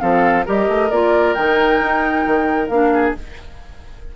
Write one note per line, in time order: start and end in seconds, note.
0.00 0.47 F3
0.00 0.45 C4
0.00 0.46 A4
0.00 0.45 F5
0.46 0.69 G3
0.46 0.90 G4
0.46 2.92 A#4
0.46 0.91 D#5
0.69 0.91 A3
0.91 1.36 A#3
0.91 1.37 F4
0.91 1.34 D5
1.34 1.81 D#3
1.34 2.71 D#4
1.34 2.68 G5
1.81 2.26 D#4
2.27 2.69 D#3
2.68 3.14 A#3
2.68 3.16 D4
2.68 3.13 F5
2.94 3.16 G#4